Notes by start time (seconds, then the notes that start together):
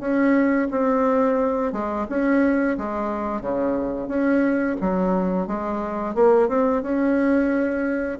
0.00 C#4
0.71 C4
1.72 G#3
2.09 C#4
2.77 G#3
3.41 C#3
4.08 C#4
4.81 F#3
5.47 G#3
6.15 A#3
6.48 C4
6.82 C#4